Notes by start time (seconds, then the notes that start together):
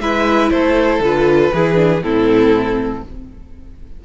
0.00 G#3 E4 B4 E5
0.50 A3 A4 C5
0.99 D3 F4 B4
1.53 E3 E4 G#4
1.74 D4
2.02 A2 C4 E4 A4